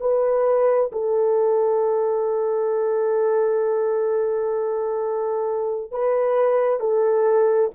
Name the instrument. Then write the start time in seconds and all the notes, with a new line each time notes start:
horn
0.00 B4
0.92 A4
5.91 B4
6.80 A4